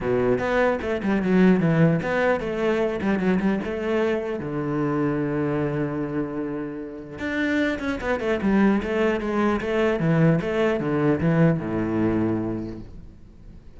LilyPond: \new Staff \with { instrumentName = "cello" } { \time 4/4 \tempo 4 = 150 b,4 b4 a8 g8 fis4 | e4 b4 a4. g8 | fis8 g8 a2 d4~ | d1~ |
d2 d'4. cis'8 | b8 a8 g4 a4 gis4 | a4 e4 a4 d4 | e4 a,2. | }